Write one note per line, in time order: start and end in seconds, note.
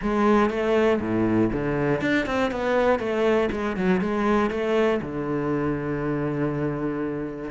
0.01 0.50 G#3
0.50 1.00 A3
1.00 1.50 A2
1.52 2.01 D3
2.01 2.26 D4
2.26 2.51 C4
2.51 2.99 B3
2.99 3.49 A3
3.51 3.76 G#3
3.76 4.00 F#3
4.00 4.50 G#3
4.50 5.00 A3
5.01 7.50 D3